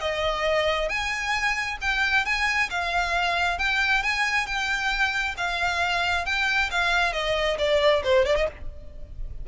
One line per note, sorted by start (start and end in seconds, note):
0.00 0.89 D#5
0.89 1.78 G#5
1.81 2.25 G5
2.25 2.69 G#5
2.70 3.58 F5
3.58 4.03 G5
4.03 4.46 G#5
4.46 5.35 G5
5.37 6.25 F5
6.25 6.70 G5
6.71 7.13 F5
7.13 7.57 D#5
7.58 8.03 D5
8.04 8.25 C5
8.25 8.36 D5
8.36 8.47 D#5